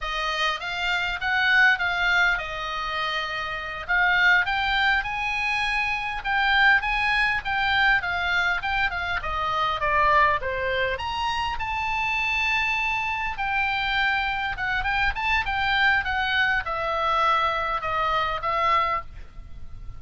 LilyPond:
\new Staff \with { instrumentName = "oboe" } { \time 4/4 \tempo 4 = 101 dis''4 f''4 fis''4 f''4 | dis''2~ dis''8 f''4 g''8~ | g''8 gis''2 g''4 gis''8~ | gis''8 g''4 f''4 g''8 f''8 dis''8~ |
dis''8 d''4 c''4 ais''4 a''8~ | a''2~ a''8 g''4.~ | g''8 fis''8 g''8 a''8 g''4 fis''4 | e''2 dis''4 e''4 | }